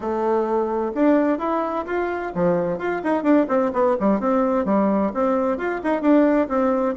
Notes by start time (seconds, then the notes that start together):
0.00 A3
0.95 D4
1.38 E4
1.86 F4
2.34 F3
2.78 F4
3.03 D#4
3.23 D4
3.48 C4
3.73 B3
3.99 G3
4.19 C4
4.65 G3
5.14 C4
5.57 F4
5.83 D#4
6.01 D4
6.48 C4